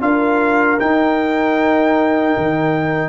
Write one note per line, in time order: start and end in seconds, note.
0.00 0.79 D4
0.00 0.78 F4
0.00 3.09 A#4
0.00 0.80 F5
0.79 3.09 D#4
0.79 2.37 D#4
0.79 3.09 G5
2.37 3.09 D#3